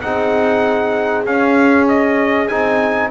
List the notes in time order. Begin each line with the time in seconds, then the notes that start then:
0.00 C4 D#4 G#4 F#5
1.26 C#4 F5
1.88 D#5
2.48 C4 D#4 G#5